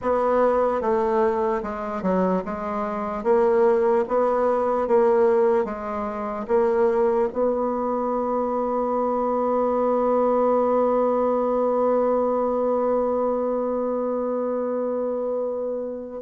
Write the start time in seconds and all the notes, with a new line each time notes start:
0.01 B3
0.81 A3
1.63 G#3
2.02 F#3
2.45 G#3
3.23 A#3
4.08 B3
4.87 A#3
5.65 G#3
6.47 A#3
7.32 B3